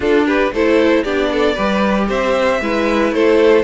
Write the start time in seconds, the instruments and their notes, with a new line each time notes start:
0.00 viola D4, cello D4, violin F4 A4
0.25 violin G4 B4
0.52 cello A3, viola E4, violin A4 C5
1.03 cello B3, viola D4, violin G4 D5
1.32 violin A4
1.54 cello G3, viola G4, violin B4
2.09 cello C4, violin C5 E5
2.60 cello G#3, viola E4, violin B4
3.11 cello A3, violin A4 C5